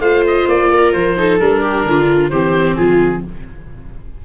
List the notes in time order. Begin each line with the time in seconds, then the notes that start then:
0.00 A3 F4 C5 F5
0.27 D#5
0.48 A#3 D5
0.72 A#4
0.93 F3 C5
1.17 D#4 A4
1.40 G3 D4 A#4
1.62 G4
1.85 D3 F4
2.30 E3 C4 G4 C5
2.76 F3 F4 G#4